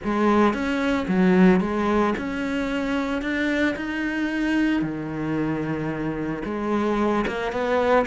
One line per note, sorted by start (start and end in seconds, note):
0.04 0.53 G#3
0.53 1.07 C#4
1.08 1.60 F#3
1.60 2.14 G#3
2.17 3.21 C#4
3.21 3.75 D4
3.75 4.82 D#4
4.82 6.42 D#3
6.45 7.25 G#3
7.27 7.51 A#3
7.51 8.05 B3